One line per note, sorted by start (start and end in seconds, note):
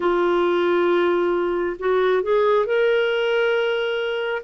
0.00 1.76 F4
1.79 2.22 F#4
2.22 2.66 G#4
2.66 4.42 A#4